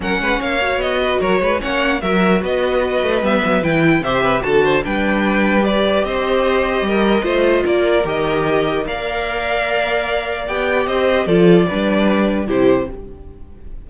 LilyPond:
<<
  \new Staff \with { instrumentName = "violin" } { \time 4/4 \tempo 4 = 149 fis''4 f''4 dis''4 cis''4 | fis''4 e''4 dis''2 | e''4 g''4 e''4 a''4 | g''2 d''4 dis''4~ |
dis''2. d''4 | dis''2 f''2~ | f''2 g''4 dis''4 | d''2. c''4 | }
  \new Staff \with { instrumentName = "violin" } { \time 4/4 ais'8 b'8 cis''4. b'8 ais'8 b'8 | cis''4 ais'4 b'2~ | b'2 c''8 b'8 a'8 c''8 | b'2. c''4~ |
c''4 ais'4 c''4 ais'4~ | ais'2 d''2~ | d''2. c''4 | a'4 b'2 g'4 | }
  \new Staff \with { instrumentName = "viola" } { \time 4/4 cis'4. fis'2~ fis'8 | cis'4 fis'2. | b4 e'4 g'4 fis'4 | d'2 g'2~ |
g'2 f'2 | g'2 ais'2~ | ais'2 g'2 | f'4 d'2 e'4 | }
  \new Staff \with { instrumentName = "cello" } { \time 4/4 fis8 gis8 ais4 b4 fis8 gis8 | ais4 fis4 b4. a8 | g8 fis8 e4 c4 d4 | g2. c'4~ |
c'4 g4 a4 ais4 | dis2 ais2~ | ais2 b4 c'4 | f4 g2 c4 | }
>>